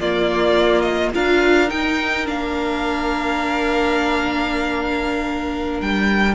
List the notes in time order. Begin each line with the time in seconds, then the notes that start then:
0.00 A#3 F4 D5
0.81 D#5
1.14 D4 F4 A#4 F5
1.69 D#4 G5
2.25 A#3 D4 F5
5.81 G3 G5